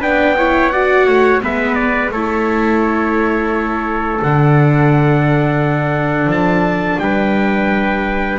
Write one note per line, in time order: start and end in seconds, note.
0.00 1.07 B3
0.00 0.37 D4
0.00 0.35 B4
0.00 0.70 G5
0.38 0.73 E4
0.38 0.73 C#5
0.70 1.41 F#4
0.70 1.06 D5
0.70 1.40 F#5
1.06 1.42 A3
1.06 1.41 C#5
1.41 2.11 G#3
1.41 2.11 B3
1.41 2.12 B4
1.41 1.75 E5
1.75 2.10 D5
2.11 4.20 A3
2.11 4.22 E4
2.11 7.01 A4
2.11 4.22 C#5
4.22 6.27 D3
4.22 8.39 D4
4.22 6.31 F#5
6.27 6.97 F3
6.27 6.99 A5
6.99 8.39 G3
6.99 8.39 B4
6.99 8.39 G5